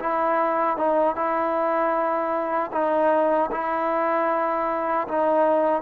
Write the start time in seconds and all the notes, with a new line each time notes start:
0.00 E4
0.78 D#4
1.15 E4
2.73 D#4
3.52 E4
5.08 D#4